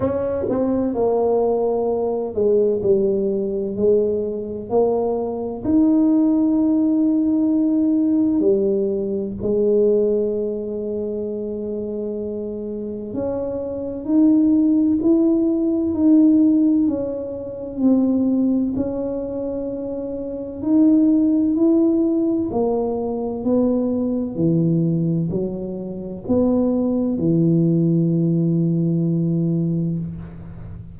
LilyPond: \new Staff \with { instrumentName = "tuba" } { \time 4/4 \tempo 4 = 64 cis'8 c'8 ais4. gis8 g4 | gis4 ais4 dis'2~ | dis'4 g4 gis2~ | gis2 cis'4 dis'4 |
e'4 dis'4 cis'4 c'4 | cis'2 dis'4 e'4 | ais4 b4 e4 fis4 | b4 e2. | }